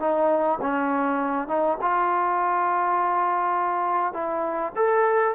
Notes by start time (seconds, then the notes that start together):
0.00 D#4
0.62 C#4
1.48 D#4
1.82 F4
4.13 E4
4.76 A4